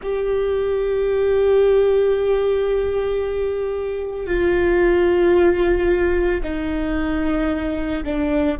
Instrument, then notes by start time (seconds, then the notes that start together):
viola
0.02 G4
4.26 F4
6.43 D#4
8.04 D4